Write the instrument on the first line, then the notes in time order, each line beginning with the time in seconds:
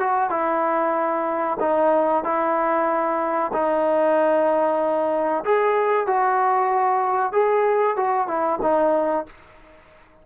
trombone
0.00 F#4
0.30 E4
1.60 D#4
2.24 E4
3.53 D#4
5.45 G#4
6.07 F#4
7.33 G#4
7.97 F#4
8.28 E4
8.63 D#4